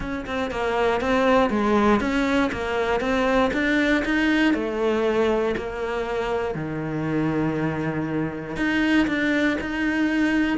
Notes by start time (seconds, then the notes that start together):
0.00 C#4
0.26 C4
0.50 A#3
1.01 C4
1.49 G#3
2.00 C#4
2.51 A#3
3.00 C4
3.53 D4
4.05 D#4
4.54 A3
5.56 A#3
6.54 D#3
8.56 D#4
9.07 D4
9.61 D#4